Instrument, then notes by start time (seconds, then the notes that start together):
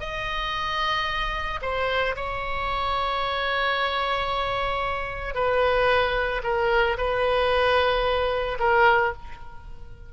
oboe
0.00 D#5
1.62 C5
2.16 C#5
5.35 B4
6.44 A#4
6.98 B4
8.60 A#4